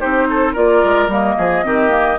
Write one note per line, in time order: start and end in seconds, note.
0.00 0.57 C4
0.00 0.55 D#4
0.00 0.27 G4
0.00 0.55 C5
0.30 0.53 A4
0.53 0.84 A#3
0.53 1.10 F4
0.53 1.35 A#4
0.53 1.10 D5
0.84 1.08 G#3
1.08 1.35 G3
1.08 1.64 A#3
1.08 2.19 D#5
1.38 1.66 F3
1.38 1.65 G#4
1.64 2.19 D#3
1.64 1.89 C4
1.64 2.19 G4
1.89 2.17 A#3